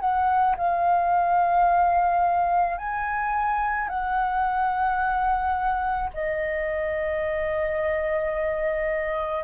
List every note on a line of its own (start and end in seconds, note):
0.00 0.56 F#5
0.57 2.78 F5
2.78 3.88 G#5
3.88 6.11 F#5
6.14 9.44 D#5